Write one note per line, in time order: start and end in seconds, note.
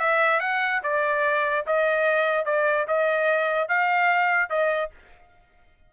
0.00 0.40 E5
0.40 0.81 F#5
0.84 1.66 D5
1.67 2.46 D#5
2.46 2.87 D5
2.88 3.69 D#5
3.69 4.50 F5
4.50 4.91 D#5